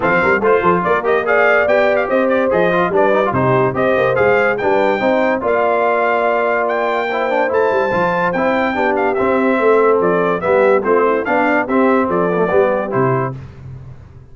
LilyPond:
<<
  \new Staff \with { instrumentName = "trumpet" } { \time 4/4 \tempo 4 = 144 f''4 c''4 d''8 dis''8 f''4 | g''8. f''16 dis''8 d''8 dis''4 d''4 | c''4 dis''4 f''4 g''4~ | g''4 f''2. |
g''2 a''2 | g''4. f''8 e''2 | d''4 e''4 c''4 f''4 | e''4 d''2 c''4 | }
  \new Staff \with { instrumentName = "horn" } { \time 4/4 a'8 ais'8 c''8 a'8 ais'4 d''4~ | d''4 c''2 b'4 | g'4 c''2 b'4 | c''4 d''2.~ |
d''4 c''2.~ | c''4 g'2 a'4~ | a'4 g'4 f'8 e'8 d'4 | g'4 a'4 g'2 | }
  \new Staff \with { instrumentName = "trombone" } { \time 4/4 c'4 f'4. g'8 gis'4 | g'2 gis'8 f'8 d'8 dis'16 f'16 | dis'4 g'4 gis'4 d'4 | dis'4 f'2.~ |
f'4 e'8 d'8 e'4 f'4 | e'4 d'4 c'2~ | c'4 b4 c'4 d'4 | c'4. b16 a16 b4 e'4 | }
  \new Staff \with { instrumentName = "tuba" } { \time 4/4 f8 g8 a8 f8 ais2 | b4 c'4 f4 g4 | c4 c'8 ais8 gis4 g4 | c'4 ais2.~ |
ais2 a8 g8 f4 | c'4 b4 c'4 a4 | f4 g4 a4 b4 | c'4 f4 g4 c4 | }
>>